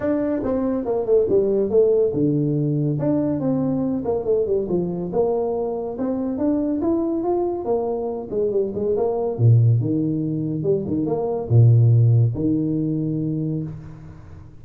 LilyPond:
\new Staff \with { instrumentName = "tuba" } { \time 4/4 \tempo 4 = 141 d'4 c'4 ais8 a8 g4 | a4 d2 d'4 | c'4. ais8 a8 g8 f4 | ais2 c'4 d'4 |
e'4 f'4 ais4. gis8 | g8 gis8 ais4 ais,4 dis4~ | dis4 g8 dis8 ais4 ais,4~ | ais,4 dis2. | }